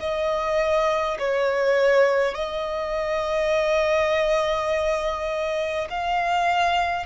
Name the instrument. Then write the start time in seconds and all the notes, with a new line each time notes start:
violin
0.00 D#5
1.19 C#5
2.35 D#5
5.90 F5